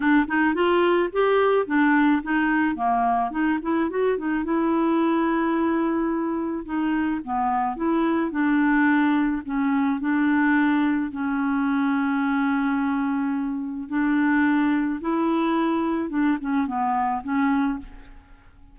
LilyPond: \new Staff \with { instrumentName = "clarinet" } { \time 4/4 \tempo 4 = 108 d'8 dis'8 f'4 g'4 d'4 | dis'4 ais4 dis'8 e'8 fis'8 dis'8 | e'1 | dis'4 b4 e'4 d'4~ |
d'4 cis'4 d'2 | cis'1~ | cis'4 d'2 e'4~ | e'4 d'8 cis'8 b4 cis'4 | }